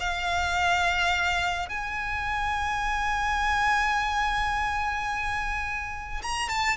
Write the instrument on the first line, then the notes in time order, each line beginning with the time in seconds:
violin
0.00 F5
1.69 G#5
6.22 A#5
6.49 A5